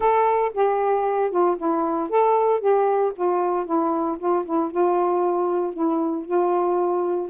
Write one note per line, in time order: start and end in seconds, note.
0.00 0.52 A4
0.54 1.30 G4
1.30 1.56 F4
1.57 2.09 E4
2.09 2.60 A4
2.60 3.12 G4
3.15 3.65 F4
3.65 4.17 E4
4.18 4.44 F4
4.45 4.71 E4
4.71 5.73 F4
5.73 6.25 E4
6.25 7.29 F4